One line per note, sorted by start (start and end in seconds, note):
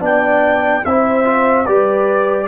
0.00 0.83 B3
0.00 0.82 D4
0.00 0.84 D5
0.00 0.85 G5
0.85 1.68 C4
0.85 1.25 E4
0.85 1.68 C5
0.85 1.66 E5
1.25 1.66 F4
1.66 2.48 G3
1.66 2.48 G4
1.66 2.48 B4
1.66 2.48 D5